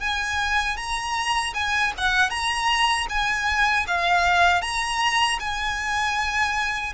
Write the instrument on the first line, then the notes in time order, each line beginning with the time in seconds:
violin
0.00 G#5
0.77 A#5
1.54 G#5
1.98 F#5
2.30 A#5
3.09 G#5
3.87 F5
4.62 A#5
5.40 G#5